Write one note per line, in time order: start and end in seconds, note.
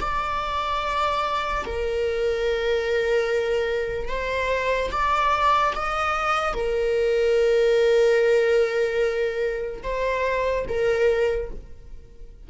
0.00 1.64 D5
1.65 4.08 A#4
4.08 4.91 C5
4.91 5.73 D5
5.75 6.54 D#5
6.54 9.83 A#4
9.83 10.65 C5
10.68 11.50 A#4